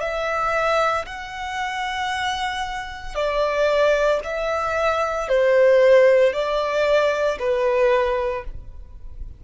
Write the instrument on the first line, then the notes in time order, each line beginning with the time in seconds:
violin
0.00 E5
1.05 F#5
3.14 D5
4.23 E5
5.28 C5
6.33 D5
7.39 B4